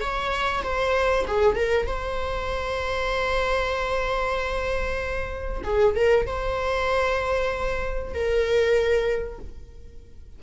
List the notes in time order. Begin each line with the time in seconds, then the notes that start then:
0.00 C#5
0.63 C5
1.27 G#4
1.55 A#4
1.86 C5
5.63 G#4
5.95 A#4
6.26 C5
8.14 A#4